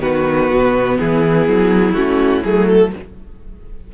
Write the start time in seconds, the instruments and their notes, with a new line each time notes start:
0.00 cello D#3, viola B3, violin F#4 B4
0.50 cello B2
0.99 cello E3, violin E4 G#4
1.48 cello F#3
1.94 cello A3, viola C#4, violin F#4
2.44 cello F#3, viola A3, violin G#4
2.68 violin A4